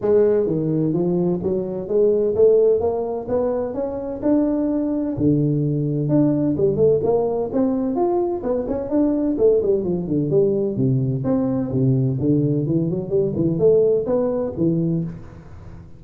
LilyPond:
\new Staff \with { instrumentName = "tuba" } { \time 4/4 \tempo 4 = 128 gis4 dis4 f4 fis4 | gis4 a4 ais4 b4 | cis'4 d'2 d4~ | d4 d'4 g8 a8 ais4 |
c'4 f'4 b8 cis'8 d'4 | a8 g8 f8 d8 g4 c4 | c'4 c4 d4 e8 fis8 | g8 e8 a4 b4 e4 | }